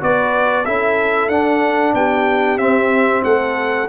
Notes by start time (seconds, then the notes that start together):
0.00 B3 F#4 B4 D5
0.65 C#4 E4 A4 E5
1.28 D4 F#5
1.94 B3 G4 G5
2.57 C4 E5
3.24 A3 A4 F#5